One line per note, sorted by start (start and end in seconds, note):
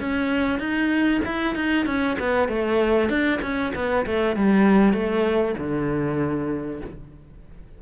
0.00 0.59 C#4
0.59 1.21 D#4
1.25 1.55 E4
1.55 1.86 D#4
1.86 2.17 C#4
2.19 2.49 B3
2.49 3.09 A3
3.09 3.40 D4
3.42 3.73 C#4
3.75 4.06 B3
4.06 4.36 A3
4.36 4.93 G3
4.93 5.55 A3
5.58 6.81 D3